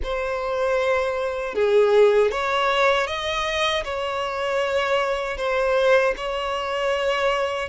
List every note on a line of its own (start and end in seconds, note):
0.03 1.55 C5
1.55 2.31 G#4
2.31 3.06 C#5
3.06 3.83 D#5
3.84 5.37 C#5
5.37 6.14 C5
6.16 7.69 C#5